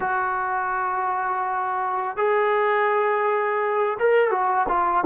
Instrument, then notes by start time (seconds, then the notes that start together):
trombone
0.00 F#4
2.17 G#4
3.99 A#4
4.30 F#4
4.68 F4